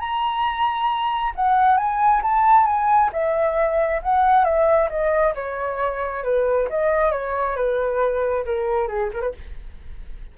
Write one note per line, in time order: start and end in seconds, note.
0.00 1.33 A#5
1.35 1.77 F#5
1.77 2.22 G#5
2.23 2.66 A5
2.66 3.11 G#5
3.13 4.02 E5
4.03 4.45 F#5
4.45 4.89 E5
4.90 5.34 D#5
5.35 6.24 C#5
6.24 6.68 B4
6.70 7.12 D#5
7.12 7.56 C#5
7.56 8.45 B4
8.45 8.88 A#4
8.88 9.10 G#4
9.14 9.21 A#4
9.21 9.33 B4